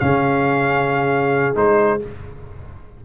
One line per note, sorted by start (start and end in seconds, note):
0.00 1.56 C#3
0.00 1.55 C#4
0.00 2.05 G#4
0.00 1.56 F5
1.55 2.00 G#3
1.55 2.00 D#4
1.55 2.01 C5